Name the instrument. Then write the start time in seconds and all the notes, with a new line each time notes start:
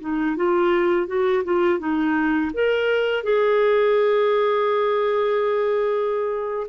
clarinet
0.00 D#4
0.36 F4
1.07 F#4
1.44 F4
1.79 D#4
2.53 A#4
3.23 G#4